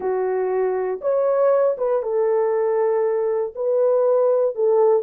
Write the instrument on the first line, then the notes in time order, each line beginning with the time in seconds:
horn
0.00 F#4
1.01 C#5
1.77 B4
2.02 A4
3.55 B4
4.55 A4